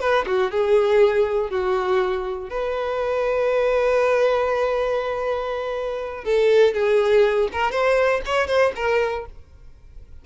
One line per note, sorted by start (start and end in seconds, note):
0.00 0.25 B4
0.26 0.51 F#4
0.51 1.50 G#4
1.50 2.50 F#4
2.50 6.24 B4
6.24 6.74 A4
6.74 7.49 G#4
7.52 7.71 A#4
7.71 8.21 C5
8.25 8.47 C#5
8.47 8.72 C5
8.76 9.26 A#4